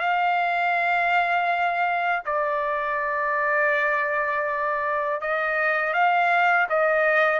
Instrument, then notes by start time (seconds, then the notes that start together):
trumpet
0.00 F5
2.25 D5
5.21 D#5
5.93 F5
6.69 D#5